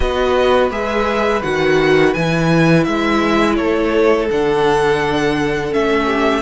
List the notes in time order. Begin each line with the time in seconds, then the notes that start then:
0.00 B3 F#4 B4 D#5
0.70 G#3 G#4 E5
1.42 D#3 F#4 F#5
2.13 E3 E4 G#5
2.83 G#3 E5
3.55 A3 A4 C#5
4.30 D3 D4 F#5
5.71 A3 C#4 E5
6.06 G4